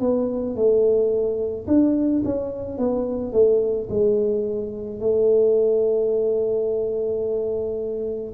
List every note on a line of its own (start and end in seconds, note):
0.00 0.55 B3
0.55 1.66 A3
1.67 2.23 D4
2.25 2.78 C#4
2.78 3.32 B3
3.32 3.88 A3
3.89 5.00 G#3
5.00 8.33 A3